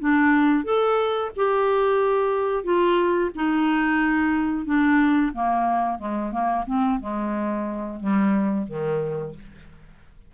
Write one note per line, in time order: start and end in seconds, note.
0.00 0.64 D4
0.64 1.31 A4
1.36 2.64 G4
2.64 3.31 F4
3.35 4.65 D#4
4.65 5.32 D4
5.33 5.98 A#3
5.98 6.32 G#3
6.32 6.65 A#3
6.66 7.00 C4
7.00 8.00 G#3
8.00 8.66 G3
8.68 9.34 D#3